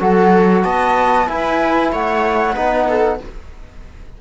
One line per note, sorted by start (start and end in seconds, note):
0.00 0.64 F#3
0.00 1.27 F#4
0.00 0.64 A4
0.00 0.64 F#5
0.64 1.28 B3
0.64 1.27 D#5
0.64 1.28 A5
1.27 2.55 E4
1.27 1.92 E4
1.27 1.92 B4
1.27 1.92 G#5
1.92 2.56 A3
1.92 2.53 C#5
1.92 3.21 F#5
2.53 3.20 B3
2.53 3.20 D#4
2.53 2.85 B4
2.89 3.20 A4